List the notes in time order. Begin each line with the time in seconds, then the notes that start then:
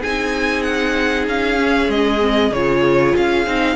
0.00 C4 D#4 G#4 G#5
0.62 F#5
1.27 C#4 F5
1.56 C#4
1.88 G#3 D#5
2.20 C4
2.51 C#3 F4 C#5
3.15 C#4 F5
3.46 C4 D#4